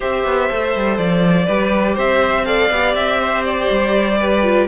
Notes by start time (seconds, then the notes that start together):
0.00 C4 G4 C5 E5
0.25 B3
0.49 A3 A4
0.75 G3
0.97 F3 D5
1.45 G3 G4 B4
1.95 C4 C5 E5
2.45 A4 D5 F5
2.70 B3 G4
2.94 C4 E5
3.20 C5
3.44 D5
3.69 G3
4.19 B4
4.43 F4